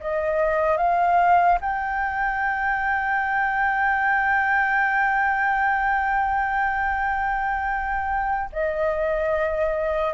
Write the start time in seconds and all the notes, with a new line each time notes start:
0.00 D#5
0.77 F5
1.61 G5
8.52 D#5